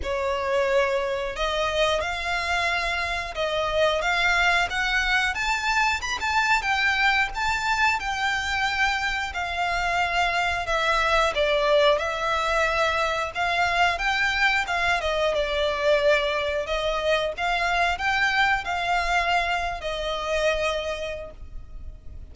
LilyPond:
\new Staff \with { instrumentName = "violin" } { \time 4/4 \tempo 4 = 90 cis''2 dis''4 f''4~ | f''4 dis''4 f''4 fis''4 | a''4 b''16 a''8. g''4 a''4 | g''2 f''2 |
e''4 d''4 e''2 | f''4 g''4 f''8 dis''8 d''4~ | d''4 dis''4 f''4 g''4 | f''4.~ f''16 dis''2~ dis''16 | }